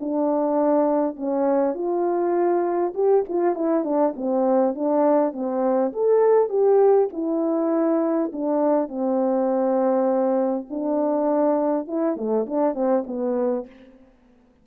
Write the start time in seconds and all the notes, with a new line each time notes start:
0.00 D4
1.16 C#4
1.74 F4
2.94 G4
3.29 F4
3.55 E4
3.84 D4
4.16 C4
4.75 D4
5.33 C4
5.93 A4
6.49 G4
7.13 E4
8.32 D4
8.88 C4
10.70 D4
11.87 E4
12.16 A3
12.46 D4
12.74 C4
13.07 B3